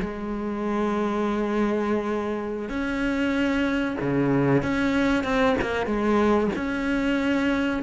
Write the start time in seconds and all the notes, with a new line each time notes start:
0.00 G#3
2.69 C#4
4.01 C#3
4.62 C#4
5.23 C4
5.61 A#3
5.85 G#3
6.55 C#4